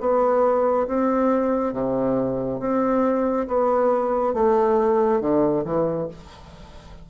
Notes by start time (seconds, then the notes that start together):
0.00 B3
0.87 C4
1.73 C3
2.60 C4
3.47 B3
4.34 A3
5.21 D3
5.64 E3